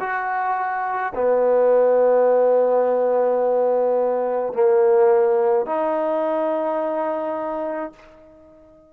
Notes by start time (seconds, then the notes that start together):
0.00 F#4
1.15 B3
4.53 A#3
5.66 D#4